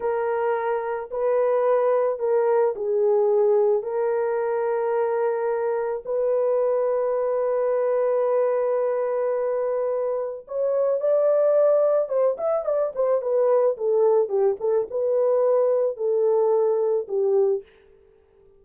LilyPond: \new Staff \with { instrumentName = "horn" } { \time 4/4 \tempo 4 = 109 ais'2 b'2 | ais'4 gis'2 ais'4~ | ais'2. b'4~ | b'1~ |
b'2. cis''4 | d''2 c''8 e''8 d''8 c''8 | b'4 a'4 g'8 a'8 b'4~ | b'4 a'2 g'4 | }